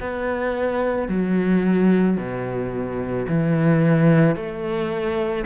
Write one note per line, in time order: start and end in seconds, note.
0.00 1.08 B3
1.08 2.17 F#3
2.17 3.26 B2
3.28 4.35 E3
4.35 5.44 A3